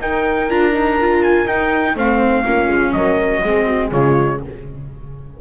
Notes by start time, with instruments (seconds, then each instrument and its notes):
0.00 double bass D#4, viola D#4, horn A#4, trumpet G5
0.48 double bass D4, viola F4, trumpet A#5
0.72 viola D#4
1.01 viola F4
1.23 trumpet G#5
1.45 double bass D#4, viola D#4, trumpet G5
1.94 double bass A3, viola C4, horn C5, trumpet F5
2.45 double bass A#3, viola C#4, horn F4
2.68 double bass G#3
2.92 double bass F#3, horn A#4, trumpet D#5
3.41 double bass G#3, viola C4, horn G#4
3.66 horn F#4
3.91 double bass C#3, viola G#3, horn F4, trumpet C#5